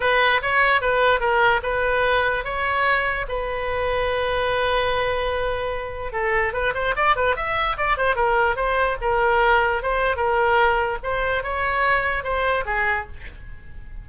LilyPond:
\new Staff \with { instrumentName = "oboe" } { \time 4/4 \tempo 4 = 147 b'4 cis''4 b'4 ais'4 | b'2 cis''2 | b'1~ | b'2. a'4 |
b'8 c''8 d''8 b'8 e''4 d''8 c''8 | ais'4 c''4 ais'2 | c''4 ais'2 c''4 | cis''2 c''4 gis'4 | }